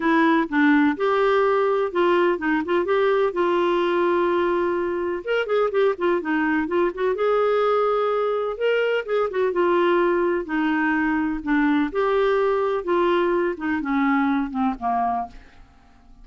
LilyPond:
\new Staff \with { instrumentName = "clarinet" } { \time 4/4 \tempo 4 = 126 e'4 d'4 g'2 | f'4 dis'8 f'8 g'4 f'4~ | f'2. ais'8 gis'8 | g'8 f'8 dis'4 f'8 fis'8 gis'4~ |
gis'2 ais'4 gis'8 fis'8 | f'2 dis'2 | d'4 g'2 f'4~ | f'8 dis'8 cis'4. c'8 ais4 | }